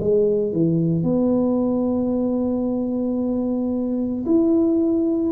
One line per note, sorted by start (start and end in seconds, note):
0.00 0.53 G#3
0.53 1.03 E3
1.03 4.25 B3
4.26 5.32 E4